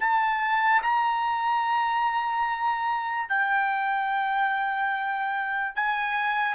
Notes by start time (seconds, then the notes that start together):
0.00 A5
0.83 A#5
3.29 G5
5.76 G#5